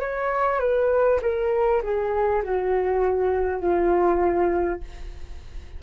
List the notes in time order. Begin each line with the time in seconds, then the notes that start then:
0.00 C#5
0.60 B4
1.22 A#4
1.83 G#4
2.43 F#4
3.61 F4